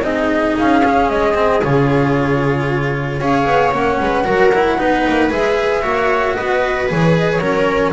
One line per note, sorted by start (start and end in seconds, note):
0.00 0.53 C4
0.00 0.82 D#4
0.00 3.20 G#4
0.00 0.55 D#5
0.58 1.10 C#4
0.58 1.09 F5
0.84 1.34 C#4
1.09 1.62 G#3
1.09 1.62 D#5
1.34 1.60 C4
1.63 3.18 C#3
1.63 3.21 F4
1.63 3.21 C#5
3.18 3.45 C#4
3.18 3.72 G#4
3.18 4.00 C#5
3.18 3.73 F5
3.45 3.72 B3
3.72 3.98 A#3
3.72 4.24 C#4
3.72 5.31 F#5
4.00 4.26 G#3
4.00 4.25 B4
4.24 4.79 F#3
4.24 4.50 F#4
4.24 4.77 A#4
4.55 4.78 E4
4.77 5.06 B3
4.77 5.29 D#4
4.77 5.82 B4
5.08 5.31 A#3
5.29 5.83 G#3
5.29 5.82 G#4
5.29 6.35 E5
5.82 6.37 A#3
5.82 6.87 F#4
5.82 6.35 C#5
6.35 6.91 B3
6.35 7.41 B4
6.35 6.88 D#5
6.88 7.39 E3
6.88 7.41 G#4
6.88 7.16 C#5
7.17 7.30 D#5
7.31 7.93 C#5
7.39 7.92 F#3
7.39 7.93 C#4
7.39 7.93 A#4